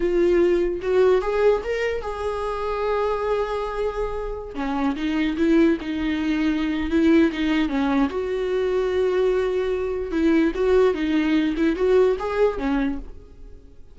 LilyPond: \new Staff \with { instrumentName = "viola" } { \time 4/4 \tempo 4 = 148 f'2 fis'4 gis'4 | ais'4 gis'2.~ | gis'2.~ gis'16 cis'8.~ | cis'16 dis'4 e'4 dis'4.~ dis'16~ |
dis'4 e'4 dis'4 cis'4 | fis'1~ | fis'4 e'4 fis'4 dis'4~ | dis'8 e'8 fis'4 gis'4 cis'4 | }